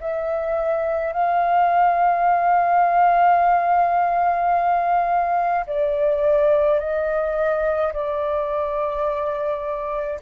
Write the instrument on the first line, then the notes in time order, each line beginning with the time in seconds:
flute
0.00 E5
1.13 F5
5.66 D5
6.79 D#5
7.93 D5